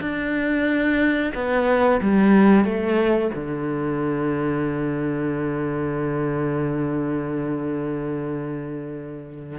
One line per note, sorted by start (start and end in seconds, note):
0.00 1.32 D4
1.34 2.00 B3
2.01 2.64 G3
2.64 3.30 A3
3.35 9.58 D3